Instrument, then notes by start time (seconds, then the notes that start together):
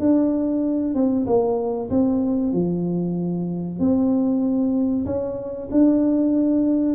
tuba
0.00 D4
0.95 C4
1.27 A#3
1.90 C4
2.53 F3
3.79 C4
5.06 C#4
5.72 D4